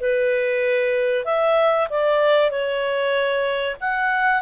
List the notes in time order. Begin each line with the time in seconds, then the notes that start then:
0.00 B4
1.25 E5
1.90 D5
2.50 C#5
3.80 F#5